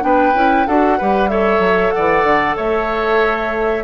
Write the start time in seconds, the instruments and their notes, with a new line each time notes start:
0.00 bassoon B3, clarinet D4, oboe B4, flute G5
0.34 bassoon C#4, clarinet E4
0.66 bassoon D4, clarinet F#4, oboe A4, flute F#5
0.97 bassoon G3, clarinet G4, oboe B4
1.27 clarinet A4, oboe C#5, flute E5
1.59 bassoon F#3
1.90 oboe D5, flute F#5
1.97 bassoon E3
2.23 bassoon D3
2.56 bassoon A3, oboe C#5, flute E5